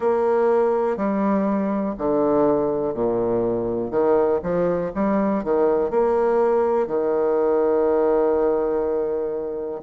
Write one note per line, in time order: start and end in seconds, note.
0.00 0.97 A#3
0.97 1.95 G3
1.98 2.94 D3
2.94 3.90 A#2
3.90 4.39 D#3
4.42 4.91 F3
4.94 5.44 G3
5.44 5.90 D#3
5.90 6.87 A#3
6.87 9.82 D#3